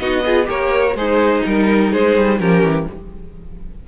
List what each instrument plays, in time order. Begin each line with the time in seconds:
0.00 cello B3, viola D#4, violin F#4 D#5
0.25 viola F4, violin G#4
0.46 cello A#3, viola G4, violin A#4 C#5
0.95 cello G#3, violin D#4 C5, viola G#4
1.44 cello G3, viola D#4, violin A#4
1.91 cello G#3, violin G#4 C5
2.18 cello G3
2.40 cello F3, viola C#4, violin G4 A#4
2.63 cello E3